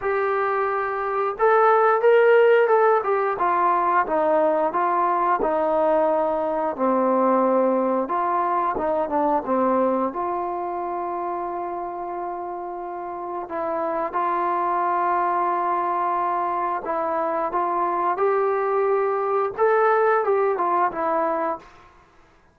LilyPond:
\new Staff \with { instrumentName = "trombone" } { \time 4/4 \tempo 4 = 89 g'2 a'4 ais'4 | a'8 g'8 f'4 dis'4 f'4 | dis'2 c'2 | f'4 dis'8 d'8 c'4 f'4~ |
f'1 | e'4 f'2.~ | f'4 e'4 f'4 g'4~ | g'4 a'4 g'8 f'8 e'4 | }